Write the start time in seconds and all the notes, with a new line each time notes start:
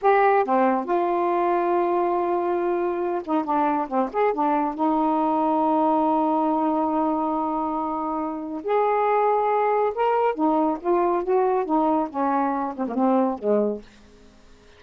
0.01 G4
0.44 C4
0.84 F4
3.24 D#4
3.44 D4
3.88 C4
4.12 G#4
4.33 D4
4.74 D#4
8.63 G#4
9.94 A#4
10.34 D#4
10.80 F4
11.23 F#4
11.65 D#4
12.09 C#4
12.76 C4
12.88 A#3
12.95 C4
13.38 G#3